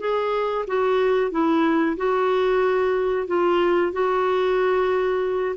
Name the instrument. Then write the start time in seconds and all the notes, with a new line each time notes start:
clarinet
0.00 G#4
0.67 F#4
1.31 E4
1.97 F#4
3.27 F4
3.92 F#4